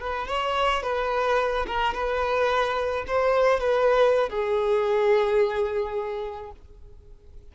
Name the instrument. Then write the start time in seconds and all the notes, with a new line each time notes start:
violin
0.00 B4
0.28 C#5
0.83 B4
1.67 A#4
1.94 B4
3.07 C5
3.60 B4
4.29 G#4